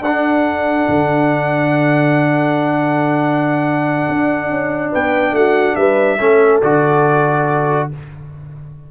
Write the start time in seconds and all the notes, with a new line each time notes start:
0.00 D4 A4 F#5
0.06 D4
0.89 D3
4.09 D4
4.49 C#4
4.92 B3 B4 G5
5.32 A3 F#4 F#5
5.76 G3 B4 E5
6.19 A3 C#4 A4
6.62 D3 F#4 D5